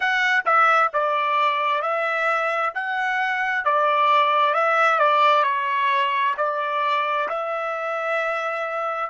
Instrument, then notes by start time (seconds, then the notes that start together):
trumpet
0.00 F#5
0.45 E5
0.93 D5
1.81 E5
2.74 F#5
3.64 D5
4.54 E5
4.99 D5
5.43 C#5
6.37 D5
7.29 E5